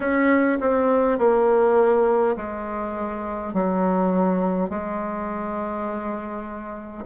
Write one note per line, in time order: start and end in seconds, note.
0.00 0.59 C#4
0.60 1.18 C4
1.18 2.35 A#3
2.36 3.53 G#3
3.53 4.69 F#3
4.69 7.04 G#3